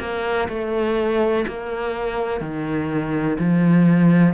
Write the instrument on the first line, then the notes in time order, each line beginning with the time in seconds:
cello
0.00 A#3
0.49 A3
1.48 A#3
2.41 D#3
3.40 F3